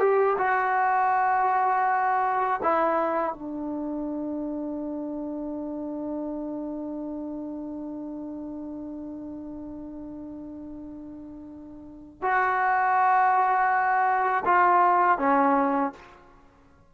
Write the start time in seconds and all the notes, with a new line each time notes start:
0.00 G4
0.38 F#4
2.63 E4
3.34 D4
12.22 F#4
14.45 F4
15.19 C#4